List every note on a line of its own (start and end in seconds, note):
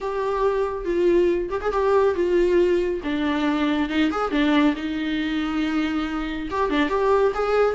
0.00 0.85 G4
0.85 1.49 F4
1.50 1.60 G4
1.61 1.71 G#4
1.71 2.14 G4
2.14 3.01 F4
3.03 3.89 D4
3.89 4.10 D#4
4.11 4.31 G#4
4.31 4.74 D4
4.76 6.48 D#4
6.50 6.70 G4
6.70 6.89 D4
6.89 7.32 G4
7.34 7.75 G#4